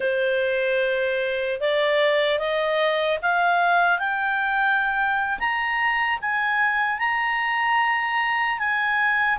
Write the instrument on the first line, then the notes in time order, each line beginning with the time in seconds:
clarinet
0.00 C5
1.60 D5
2.38 D#5
3.21 F5
3.98 G5
5.39 A#5
6.21 G#5
6.99 A#5
8.58 G#5